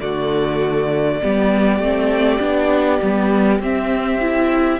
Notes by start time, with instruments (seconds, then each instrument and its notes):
0.00 cello D3, viola A3, violin F#4 D5
1.22 cello G3, viola B3, violin G4
1.79 cello A3, viola C4
2.40 cello B3, viola D4
3.02 cello G3, viola B3
3.59 cello C4, viola C4, violin E5
4.21 viola E4